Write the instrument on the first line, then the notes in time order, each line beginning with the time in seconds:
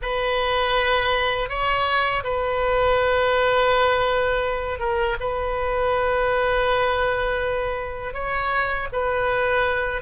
oboe
0.02 B4
1.49 C#5
2.23 B4
4.79 A#4
5.20 B4
8.13 C#5
8.92 B4